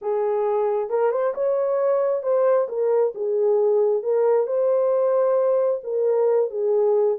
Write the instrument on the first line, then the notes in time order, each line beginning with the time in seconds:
horn
0.01 G#4
0.89 A#4
1.11 C5
1.34 C#5
2.23 C5
2.68 A#4
3.14 G#4
4.02 A#4
4.46 C5
5.83 A#4
6.50 G#4